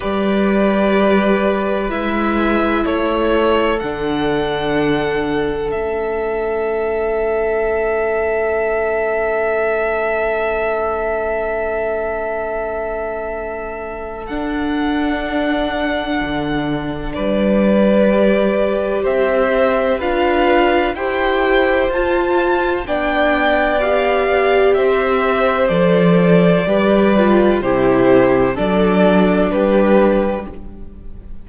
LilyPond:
<<
  \new Staff \with { instrumentName = "violin" } { \time 4/4 \tempo 4 = 63 d''2 e''4 cis''4 | fis''2 e''2~ | e''1~ | e''2. fis''4~ |
fis''2 d''2 | e''4 f''4 g''4 a''4 | g''4 f''4 e''4 d''4~ | d''4 c''4 d''4 b'4 | }
  \new Staff \with { instrumentName = "violin" } { \time 4/4 b'2. a'4~ | a'1~ | a'1~ | a'1~ |
a'2 b'2 | c''4 b'4 c''2 | d''2 c''2 | b'4 g'4 a'4 g'4 | }
  \new Staff \with { instrumentName = "viola" } { \time 4/4 g'2 e'2 | d'2 cis'2~ | cis'1~ | cis'2. d'4~ |
d'2. g'4~ | g'4 f'4 g'4 f'4 | d'4 g'2 a'4 | g'8 f'8 e'4 d'2 | }
  \new Staff \with { instrumentName = "cello" } { \time 4/4 g2 gis4 a4 | d2 a2~ | a1~ | a2. d'4~ |
d'4 d4 g2 | c'4 d'4 e'4 f'4 | b2 c'4 f4 | g4 c4 fis4 g4 | }
>>